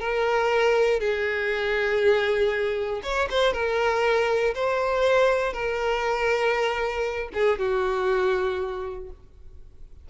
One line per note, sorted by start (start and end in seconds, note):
0.00 1.00 A#4
1.00 3.01 G#4
3.03 3.28 C#5
3.30 3.53 C5
3.53 4.54 A#4
4.55 5.53 C5
5.53 7.30 A#4
7.34 7.59 G#4
7.59 9.10 F#4